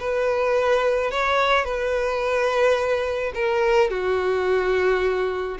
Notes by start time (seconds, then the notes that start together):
0.00 B4
1.11 C#5
1.65 B4
3.35 A#4
3.90 F#4